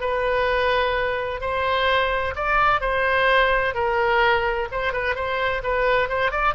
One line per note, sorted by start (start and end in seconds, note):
0.00 1.40 B4
1.40 2.34 C5
2.35 2.81 D5
2.81 3.74 C5
3.74 4.68 A#4
4.71 4.93 C5
4.93 5.15 B4
5.15 5.62 C5
5.63 6.08 B4
6.08 6.31 C5
6.31 6.54 D5